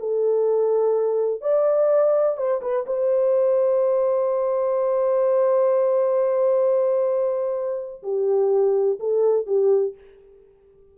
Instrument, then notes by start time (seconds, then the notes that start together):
horn
0.00 A4
1.42 D5
2.38 C5
2.62 B4
2.87 C5
8.03 G4
9.00 A4
9.47 G4